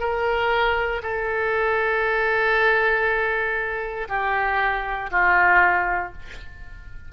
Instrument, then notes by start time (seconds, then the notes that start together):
oboe
0.00 A#4
1.03 A4
4.09 G4
5.11 F4